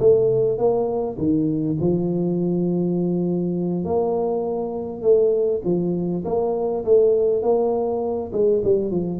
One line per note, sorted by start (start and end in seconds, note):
0.00 0.58 A3
0.58 1.17 A#3
1.18 1.77 D#3
1.81 3.84 F3
3.84 5.02 A#3
5.02 5.61 A3
5.65 6.24 F3
6.25 6.85 A#3
6.85 7.43 A3
7.43 8.32 A#3
8.32 8.62 G#3
8.64 8.91 G3
8.91 9.20 F3